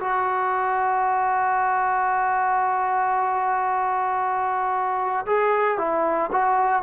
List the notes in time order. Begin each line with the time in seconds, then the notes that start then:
0.00 F#4
5.26 G#4
5.78 E4
6.33 F#4